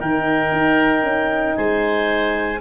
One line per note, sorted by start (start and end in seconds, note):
0.00 0.52 D#3
0.00 2.60 D#4
0.00 1.57 A#4
0.00 1.56 G5
0.52 1.03 D#4
1.03 1.55 C#4
1.56 2.60 G#3
1.56 2.60 C5
1.56 2.60 G#5